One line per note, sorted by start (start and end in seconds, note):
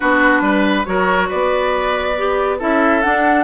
0.00 0.41 B3
0.00 0.85 D4
0.00 0.42 F#4
0.00 0.85 B4
0.41 0.84 G3
0.41 0.86 B4
0.85 1.29 F#3
0.85 2.14 F#4
0.85 1.28 A#4
0.85 1.28 C#5
1.28 2.61 B3
1.28 2.58 B4
1.28 2.59 D5
2.17 2.59 G4
2.58 3.04 C#4
2.58 3.02 E4
2.58 3.44 A4
2.58 3.02 E5
3.02 3.44 D4
3.02 3.44 F#5